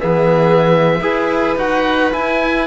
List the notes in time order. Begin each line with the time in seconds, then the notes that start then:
0.00 E3 B3 G#4 E5
1.00 E4 G#4 B4
1.57 D#4 F#4 F#5
2.12 E4 G#5